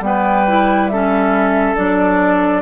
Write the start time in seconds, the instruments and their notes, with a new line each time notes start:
0.00 bassoon G3, clarinet B3, flute G5
0.06 oboe B4
0.47 clarinet E4
0.88 clarinet C#4, oboe A4, flute E5
1.75 bassoon F#3, clarinet D4, flute D5